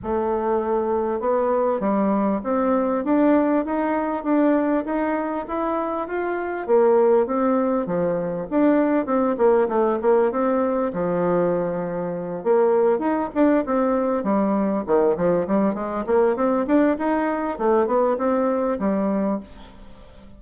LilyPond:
\new Staff \with { instrumentName = "bassoon" } { \time 4/4 \tempo 4 = 99 a2 b4 g4 | c'4 d'4 dis'4 d'4 | dis'4 e'4 f'4 ais4 | c'4 f4 d'4 c'8 ais8 |
a8 ais8 c'4 f2~ | f8 ais4 dis'8 d'8 c'4 g8~ | g8 dis8 f8 g8 gis8 ais8 c'8 d'8 | dis'4 a8 b8 c'4 g4 | }